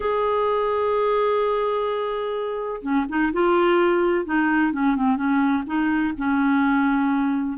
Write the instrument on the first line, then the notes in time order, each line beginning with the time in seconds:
clarinet
0.00 G#4
2.82 C#4
3.08 D#4
3.32 F4
4.25 D#4
4.72 C#4
4.96 C4
5.16 C#4
5.66 D#4
6.17 C#4